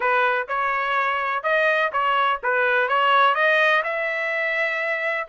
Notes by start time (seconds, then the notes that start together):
0.00 B4
0.48 C#5
1.43 D#5
1.92 C#5
2.43 B4
2.88 C#5
3.34 D#5
3.83 E5